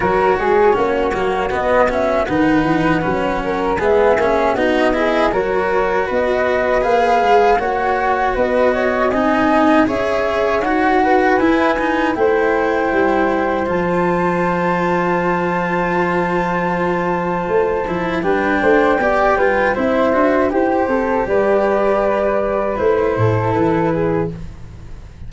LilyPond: <<
  \new Staff \with { instrumentName = "flute" } { \time 4/4 \tempo 4 = 79 cis''2 dis''8 e''8 fis''4~ | fis''4 e''4 dis''4 cis''4 | dis''4 f''4 fis''4 dis''4 | gis''4 e''4 fis''4 gis''4 |
g''2 a''2~ | a''1 | g''2 e''4 c''4 | d''2 c''4 b'4 | }
  \new Staff \with { instrumentName = "flute" } { \time 4/4 ais'8 gis'8 fis'2 b'4~ | b'8 ais'8 gis'4 fis'8 gis'8 ais'4 | b'2 cis''4 b'8 cis''8 | dis''4 cis''4. b'4. |
c''1~ | c''1 | b'8 c''8 d''8 b'8 c''4 g'8 a'8 | b'2~ b'8 a'4 gis'8 | }
  \new Staff \with { instrumentName = "cello" } { \time 4/4 fis'4 cis'8 ais8 b8 cis'8 dis'4 | cis'4 b8 cis'8 dis'8 e'8 fis'4~ | fis'4 gis'4 fis'2 | dis'4 gis'4 fis'4 e'8 dis'8 |
e'2 f'2~ | f'2.~ f'8 e'8 | d'4 g'8 f'8 e'8 fis'8 g'4~ | g'2 e'2 | }
  \new Staff \with { instrumentName = "tuba" } { \time 4/4 fis8 gis8 ais8 fis8 b4 dis8 e8 | fis4 gis8 ais8 b4 fis4 | b4 ais8 gis8 ais4 b4 | c'4 cis'4 dis'4 e'4 |
a4 g4 f2~ | f2. a8 f8 | g8 a8 b8 g8 c'8 d'8 e'8 c'8 | g2 a8 a,8 e4 | }
>>